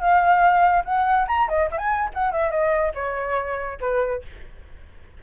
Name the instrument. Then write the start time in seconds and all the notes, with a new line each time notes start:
flute
0.00 F5
0.85 F#5
1.28 A#5
1.49 D#5
1.72 E5
1.78 G#5
2.14 F#5
2.32 E5
2.51 D#5
2.95 C#5
3.81 B4